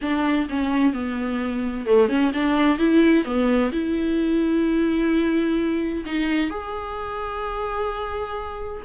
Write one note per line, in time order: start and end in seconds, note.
0.01 0.48 D4
0.49 0.93 C#4
0.93 1.86 B3
1.86 2.08 A3
2.08 2.32 C#4
2.33 2.78 D4
2.78 3.24 E4
3.24 3.71 B3
3.71 6.04 E4
6.05 6.50 D#4
6.50 8.82 G#4